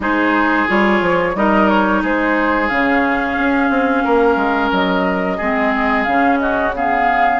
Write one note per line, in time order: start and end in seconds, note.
0.00 0.65 G#3
0.00 0.67 D#4
0.00 1.36 G#4
0.00 0.69 C5
0.67 1.01 G3
0.67 1.35 F4
0.67 1.36 C#5
1.01 1.35 F3
1.35 2.02 G3
1.35 2.70 D#4
1.35 2.02 A#4
1.35 1.68 D#5
1.68 2.02 C#5
2.02 2.70 G#3
2.02 4.04 G#4
2.02 2.68 C5
2.68 3.37 C#3
2.68 5.39 C#4
2.68 4.70 F5
3.37 3.69 C#4
3.69 4.03 C4
4.04 4.36 A#3
4.04 5.37 A#4
4.36 4.69 G#3
4.71 5.38 F#3
4.71 6.03 D#5
5.37 6.06 G#3
5.37 6.07 C4
5.37 6.38 G#4
6.03 7.39 C#3
6.03 6.74 C#4
6.03 6.37 F5
6.38 6.75 F#4
6.38 6.72 D#5
6.75 7.39 B3
6.75 7.39 G#4
6.75 7.39 F5